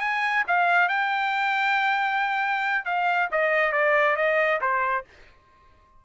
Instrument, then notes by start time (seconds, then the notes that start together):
trumpet
0.00 G#5
0.47 F5
0.88 G5
2.85 F5
3.31 D#5
3.72 D5
4.16 D#5
4.61 C5